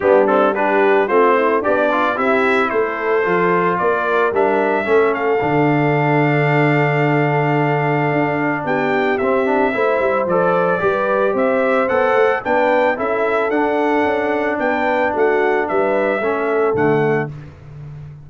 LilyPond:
<<
  \new Staff \with { instrumentName = "trumpet" } { \time 4/4 \tempo 4 = 111 g'8 a'8 b'4 c''4 d''4 | e''4 c''2 d''4 | e''4. f''2~ f''8~ | f''1 |
g''4 e''2 d''4~ | d''4 e''4 fis''4 g''4 | e''4 fis''2 g''4 | fis''4 e''2 fis''4 | }
  \new Staff \with { instrumentName = "horn" } { \time 4/4 d'4 g'4 f'8 e'8 d'4 | g'4 a'2 ais'4~ | ais'4 a'2.~ | a'1 |
g'2 c''2 | b'4 c''2 b'4 | a'2. b'4 | fis'4 b'4 a'2 | }
  \new Staff \with { instrumentName = "trombone" } { \time 4/4 b8 c'8 d'4 c'4 g'8 f'8 | e'2 f'2 | d'4 cis'4 d'2~ | d'1~ |
d'4 c'8 d'8 e'4 a'4 | g'2 a'4 d'4 | e'4 d'2.~ | d'2 cis'4 a4 | }
  \new Staff \with { instrumentName = "tuba" } { \time 4/4 g2 a4 b4 | c'4 a4 f4 ais4 | g4 a4 d2~ | d2. d'4 |
b4 c'4 a8 g8 f4 | g4 c'4 b8 a8 b4 | cis'4 d'4 cis'4 b4 | a4 g4 a4 d4 | }
>>